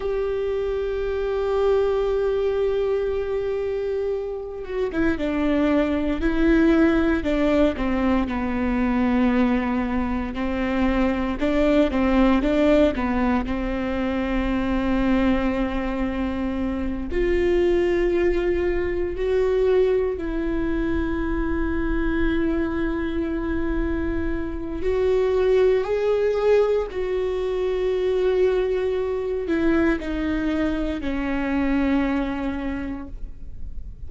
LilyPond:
\new Staff \with { instrumentName = "viola" } { \time 4/4 \tempo 4 = 58 g'1~ | g'8 fis'16 e'16 d'4 e'4 d'8 c'8 | b2 c'4 d'8 c'8 | d'8 b8 c'2.~ |
c'8 f'2 fis'4 e'8~ | e'1 | fis'4 gis'4 fis'2~ | fis'8 e'8 dis'4 cis'2 | }